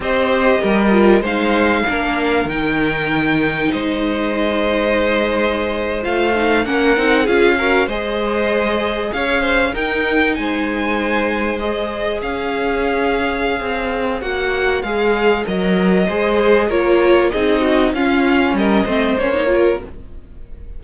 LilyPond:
<<
  \new Staff \with { instrumentName = "violin" } { \time 4/4 \tempo 4 = 97 dis''2 f''2 | g''2 dis''2~ | dis''4.~ dis''16 f''4 fis''4 f''16~ | f''8. dis''2 f''4 g''16~ |
g''8. gis''2 dis''4 f''16~ | f''2. fis''4 | f''4 dis''2 cis''4 | dis''4 f''4 dis''4 cis''4 | }
  \new Staff \with { instrumentName = "violin" } { \time 4/4 c''4 ais'4 c''4 ais'4~ | ais'2 c''2~ | c''2~ c''8. ais'4 gis'16~ | gis'16 ais'8 c''2 cis''8 c''8 ais'16~ |
ais'8. c''2. cis''16~ | cis''1~ | cis''2 c''4 ais'4 | gis'8 fis'8 f'4 ais'8 c''4 ais'8 | }
  \new Staff \with { instrumentName = "viola" } { \time 4/4 g'4. f'8 dis'4 d'4 | dis'1~ | dis'4.~ dis'16 f'8 dis'8 cis'8 dis'8 f'16~ | f'16 fis'8 gis'2. dis'16~ |
dis'2~ dis'8. gis'4~ gis'16~ | gis'2. fis'4 | gis'4 ais'4 gis'4 f'4 | dis'4 cis'4. c'8 cis'16 dis'16 f'8 | }
  \new Staff \with { instrumentName = "cello" } { \time 4/4 c'4 g4 gis4 ais4 | dis2 gis2~ | gis4.~ gis16 a4 ais8 c'8 cis'16~ | cis'8. gis2 cis'4 dis'16~ |
dis'8. gis2. cis'16~ | cis'2 c'4 ais4 | gis4 fis4 gis4 ais4 | c'4 cis'4 g8 a8 ais4 | }
>>